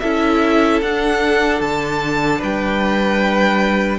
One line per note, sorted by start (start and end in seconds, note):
0.00 0.82 C#4
0.00 0.83 E4
0.00 2.39 A4
0.00 0.80 E5
0.82 1.61 D4
0.82 3.99 D4
0.82 1.61 F#5
1.61 2.41 D3
1.61 2.41 A5
2.39 3.99 G3
2.39 3.99 B4
2.39 3.99 G5